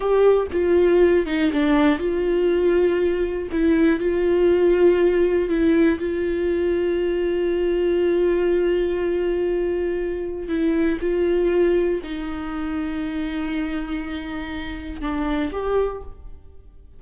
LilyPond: \new Staff \with { instrumentName = "viola" } { \time 4/4 \tempo 4 = 120 g'4 f'4. dis'8 d'4 | f'2. e'4 | f'2. e'4 | f'1~ |
f'1~ | f'4 e'4 f'2 | dis'1~ | dis'2 d'4 g'4 | }